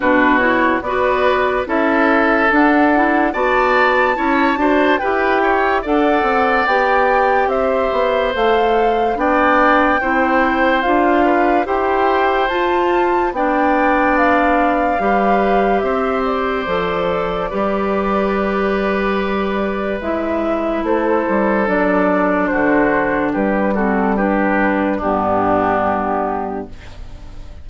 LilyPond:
<<
  \new Staff \with { instrumentName = "flute" } { \time 4/4 \tempo 4 = 72 b'8 cis''8 d''4 e''4 fis''4 | a''2 g''4 fis''4 | g''4 e''4 f''4 g''4~ | g''4 f''4 g''4 a''4 |
g''4 f''2 e''8 d''8~ | d''1 | e''4 c''4 d''4 c''4 | b'8 a'8 b'4 g'2 | }
  \new Staff \with { instrumentName = "oboe" } { \time 4/4 fis'4 b'4 a'2 | d''4 cis''8 c''8 b'8 cis''8 d''4~ | d''4 c''2 d''4 | c''4. b'8 c''2 |
d''2 b'4 c''4~ | c''4 b'2.~ | b'4 a'2 fis'4 | g'8 fis'8 g'4 d'2 | }
  \new Staff \with { instrumentName = "clarinet" } { \time 4/4 d'8 e'8 fis'4 e'4 d'8 e'8 | fis'4 e'8 fis'8 g'4 a'4 | g'2 a'4 d'4 | e'4 f'4 g'4 f'4 |
d'2 g'2 | a'4 g'2. | e'2 d'2~ | d'8 c'8 d'4 b2 | }
  \new Staff \with { instrumentName = "bassoon" } { \time 4/4 b,4 b4 cis'4 d'4 | b4 cis'8 d'8 e'4 d'8 c'8 | b4 c'8 b8 a4 b4 | c'4 d'4 e'4 f'4 |
b2 g4 c'4 | f4 g2. | gis4 a8 g8 fis4 d4 | g2 g,2 | }
>>